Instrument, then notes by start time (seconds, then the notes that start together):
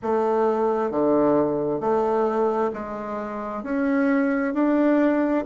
bassoon
0.02 A3
0.90 D3
1.80 A3
2.73 G#3
3.63 C#4
4.54 D4